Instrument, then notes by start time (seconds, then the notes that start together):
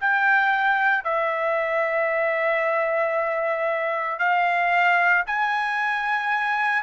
trumpet
0.00 G5
1.04 E5
4.19 F5
5.26 G#5